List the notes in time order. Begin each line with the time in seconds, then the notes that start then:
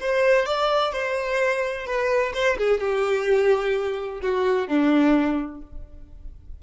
0.00 C5
0.46 D5
0.92 C5
1.86 B4
2.34 C5
2.58 G#4
2.80 G4
4.22 F#4
4.68 D4